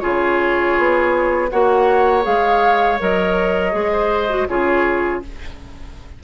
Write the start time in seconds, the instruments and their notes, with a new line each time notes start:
0.00 bassoon C#3, clarinet F4, oboe G#4, flute C#5
0.78 bassoon B3
1.50 bassoon A#3, clarinet F#4, oboe C#5, flute F#5
2.23 bassoon G#3, clarinet G#4, flute F5
3.00 bassoon F#3, clarinet A#4, flute D#5
3.72 bassoon G#3, clarinet G#4
3.92 oboe C5
4.29 clarinet F#4
4.48 bassoon C#3, clarinet F4, oboe G#4, flute C#5